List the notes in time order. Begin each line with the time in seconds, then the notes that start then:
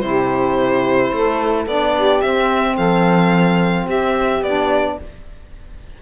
0.00 C3 E4 G4 C5
1.12 A3 A4
1.66 B3 D4 D5
1.95 G4
2.21 C4 E5
2.75 F3 A4 F5
3.85 C4 G4 E5
4.41 B3 D4 D5